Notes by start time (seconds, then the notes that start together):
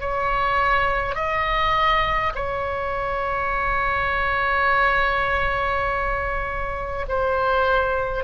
0.00 C#5
1.15 D#5
2.35 C#5
7.08 C5